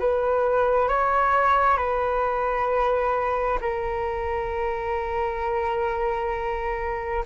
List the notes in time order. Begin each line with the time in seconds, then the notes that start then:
0.00 B4
0.89 C#5
1.78 B4
3.62 A#4